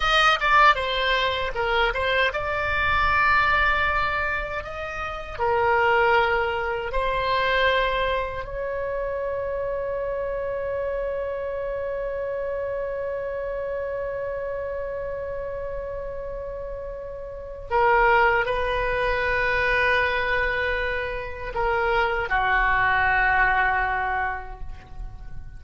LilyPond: \new Staff \with { instrumentName = "oboe" } { \time 4/4 \tempo 4 = 78 dis''8 d''8 c''4 ais'8 c''8 d''4~ | d''2 dis''4 ais'4~ | ais'4 c''2 cis''4~ | cis''1~ |
cis''1~ | cis''2. ais'4 | b'1 | ais'4 fis'2. | }